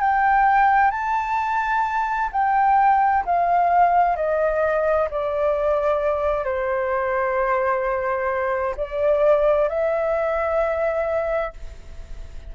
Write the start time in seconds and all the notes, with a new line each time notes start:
0.00 G5
0.91 A5
2.32 G5
3.25 F5
4.15 D#5
5.10 D5
6.44 C5
8.77 D5
9.68 E5